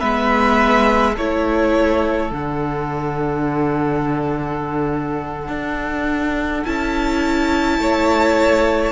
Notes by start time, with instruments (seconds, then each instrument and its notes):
0.00 cello G#3, viola B3, violin B4 E5
1.13 cello A3, viola E4, violin A4 C#5
2.31 cello D3, viola D4, violin F#5
5.49 cello D4
6.65 cello C#4, viola E4, violin A5
7.79 cello A3, violin C#5